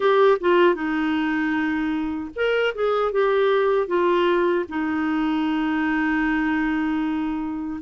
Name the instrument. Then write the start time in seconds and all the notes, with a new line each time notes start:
clarinet
0.00 G4
0.40 F4
0.74 D#4
2.35 A#4
2.74 G#4
3.12 G4
3.87 F4
4.69 D#4